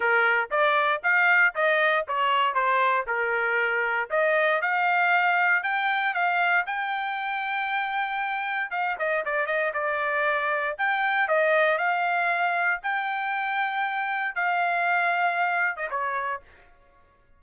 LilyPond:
\new Staff \with { instrumentName = "trumpet" } { \time 4/4 \tempo 4 = 117 ais'4 d''4 f''4 dis''4 | cis''4 c''4 ais'2 | dis''4 f''2 g''4 | f''4 g''2.~ |
g''4 f''8 dis''8 d''8 dis''8 d''4~ | d''4 g''4 dis''4 f''4~ | f''4 g''2. | f''2~ f''8. dis''16 cis''4 | }